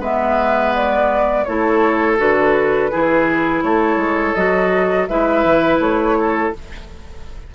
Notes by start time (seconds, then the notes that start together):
0.00 G#3 B3 B4 E5
0.76 D5
1.45 A3 E4 A4 C#5
2.18 D3 F#4 B4
2.92 E3 E4 G#4
3.63 A3 A4 C#5
3.97 G#3
4.35 F#3 F#4 D#5
5.08 G#3 E4 B4 E5
5.45 E3
5.80 A3 C#5
6.19 A4